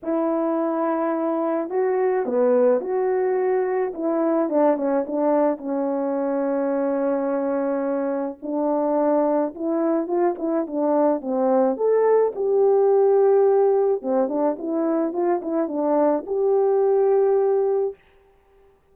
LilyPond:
\new Staff \with { instrumentName = "horn" } { \time 4/4 \tempo 4 = 107 e'2. fis'4 | b4 fis'2 e'4 | d'8 cis'8 d'4 cis'2~ | cis'2. d'4~ |
d'4 e'4 f'8 e'8 d'4 | c'4 a'4 g'2~ | g'4 c'8 d'8 e'4 f'8 e'8 | d'4 g'2. | }